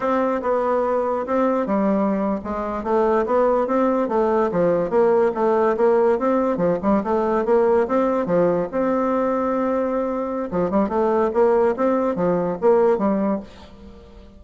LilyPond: \new Staff \with { instrumentName = "bassoon" } { \time 4/4 \tempo 4 = 143 c'4 b2 c'4 | g4.~ g16 gis4 a4 b16~ | b8. c'4 a4 f4 ais16~ | ais8. a4 ais4 c'4 f16~ |
f16 g8 a4 ais4 c'4 f16~ | f8. c'2.~ c'16~ | c'4 f8 g8 a4 ais4 | c'4 f4 ais4 g4 | }